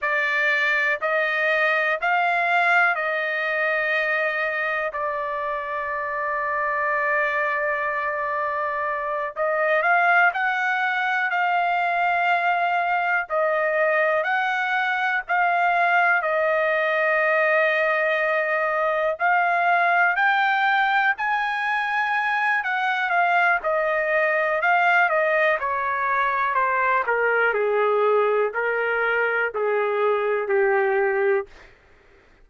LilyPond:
\new Staff \with { instrumentName = "trumpet" } { \time 4/4 \tempo 4 = 61 d''4 dis''4 f''4 dis''4~ | dis''4 d''2.~ | d''4. dis''8 f''8 fis''4 f''8~ | f''4. dis''4 fis''4 f''8~ |
f''8 dis''2. f''8~ | f''8 g''4 gis''4. fis''8 f''8 | dis''4 f''8 dis''8 cis''4 c''8 ais'8 | gis'4 ais'4 gis'4 g'4 | }